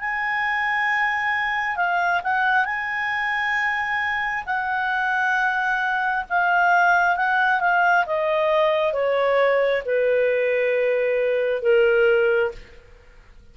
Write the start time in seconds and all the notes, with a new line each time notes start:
0.00 G#5
1.76 F5
2.23 F#5
2.65 G#5
4.45 F#5
6.29 F5
7.16 F#5
7.60 F5
8.06 D#5
8.93 C#5
9.85 B4
11.62 A#4